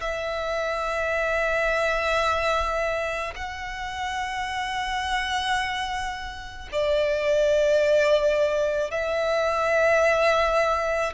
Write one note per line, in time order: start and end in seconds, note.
0.00 3.33 E5
3.35 6.69 F#5
6.72 8.91 D5
8.91 11.13 E5